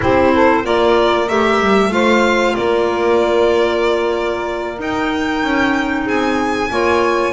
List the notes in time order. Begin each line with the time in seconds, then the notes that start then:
0.00 C4 E4 G4 C5
0.33 A4
0.63 A#3 F4 A#4 D5
1.28 A3 G4 E5
1.59 G3
1.89 A3 F4 C5 F5
2.55 A#3 A#4 D5
4.78 D#4 G5
5.42 C#4
6.04 C4 G#4 G#5
6.70 A#3 F4 C#5